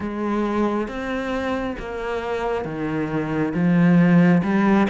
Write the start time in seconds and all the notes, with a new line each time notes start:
0.00 G#3
0.88 C4
1.79 A#3
2.65 D#3
3.53 F3
4.43 G3